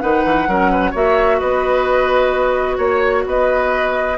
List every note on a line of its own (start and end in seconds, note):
0.00 0.24 D#3
0.00 0.47 D#4
0.00 0.48 B4
0.00 0.92 F#5
0.24 0.47 E3
0.47 0.93 F#3
0.47 0.93 C#4
0.47 0.71 A#4
0.71 0.90 B4
0.90 1.40 A#3
0.90 4.16 F#4
0.90 1.37 C#5
0.90 1.39 E5
1.39 2.78 B3
1.39 2.77 B4
1.39 2.78 D#5
2.77 3.24 A#3
2.77 3.23 C#5
2.77 3.25 C#5
3.26 4.18 B3
3.26 4.18 B4
3.26 4.18 D#5